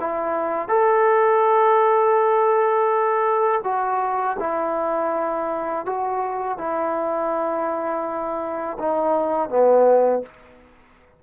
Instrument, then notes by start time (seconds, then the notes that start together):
trombone
0.00 E4
0.69 A4
3.64 F#4
4.39 E4
5.86 F#4
6.58 E4
8.79 D#4
9.50 B3